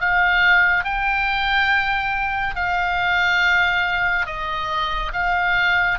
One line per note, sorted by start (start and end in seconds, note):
0.00 0.84 F5
0.84 2.55 G5
2.55 4.26 F5
4.26 5.12 D#5
5.13 5.98 F5